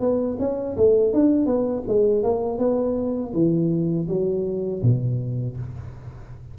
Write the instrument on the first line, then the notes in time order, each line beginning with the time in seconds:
tuba
0.00 B3
0.39 C#4
0.77 A3
1.13 D4
1.46 B3
1.88 G#3
2.24 A#3
2.59 B3
3.34 E3
4.08 F#3
4.83 B2